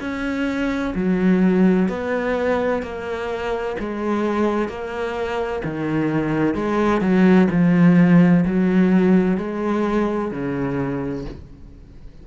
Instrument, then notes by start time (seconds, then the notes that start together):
cello
0.00 C#4
0.95 F#3
1.88 B3
2.82 A#3
3.79 G#3
4.68 A#3
5.64 D#3
6.54 G#3
7.01 F#3
7.50 F3
8.45 F#3
9.37 G#3
10.31 C#3